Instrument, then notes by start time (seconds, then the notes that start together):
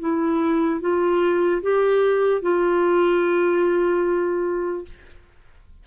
clarinet
0.00 E4
0.81 F4
1.63 G4
2.43 F4